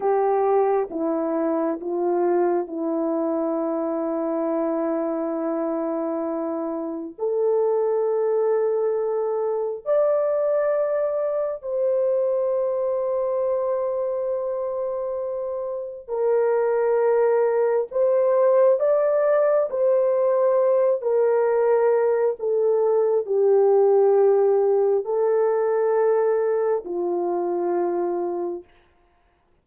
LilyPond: \new Staff \with { instrumentName = "horn" } { \time 4/4 \tempo 4 = 67 g'4 e'4 f'4 e'4~ | e'1 | a'2. d''4~ | d''4 c''2.~ |
c''2 ais'2 | c''4 d''4 c''4. ais'8~ | ais'4 a'4 g'2 | a'2 f'2 | }